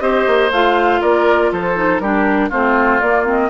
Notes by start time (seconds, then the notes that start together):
0.00 C4 G4 C5 D#5
0.26 A#3
0.51 A3 F4 F5
1.01 A#3 A#4 D5
1.51 F3 A4 C5
1.75 D#4
1.99 G3 D4 G4 A#4
2.49 A3 C4 F4 C5
3.00 A#3 D5
3.25 C4 D#5